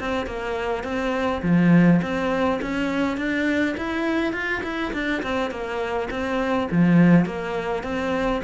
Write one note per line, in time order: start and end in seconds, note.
0.00 0.27 C4
0.27 0.84 A#3
0.84 1.42 C4
1.43 2.01 F3
2.02 2.61 C4
2.62 3.17 C#4
3.17 3.76 D4
3.78 4.33 E4
4.33 4.62 F4
4.63 4.92 E4
4.94 5.23 D4
5.23 5.51 C4
5.51 6.09 A#3
6.11 6.69 C4
6.72 7.26 F3
7.26 7.84 A#3
7.84 8.42 C4